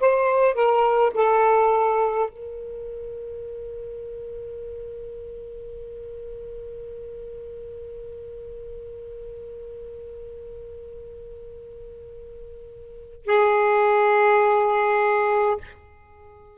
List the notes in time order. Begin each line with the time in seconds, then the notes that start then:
0.00 C5
0.55 A#4
1.14 A4
2.30 A#4
13.26 G#4